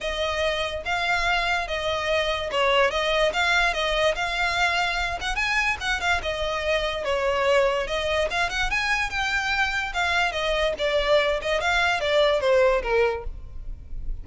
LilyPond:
\new Staff \with { instrumentName = "violin" } { \time 4/4 \tempo 4 = 145 dis''2 f''2 | dis''2 cis''4 dis''4 | f''4 dis''4 f''2~ | f''8 fis''8 gis''4 fis''8 f''8 dis''4~ |
dis''4 cis''2 dis''4 | f''8 fis''8 gis''4 g''2 | f''4 dis''4 d''4. dis''8 | f''4 d''4 c''4 ais'4 | }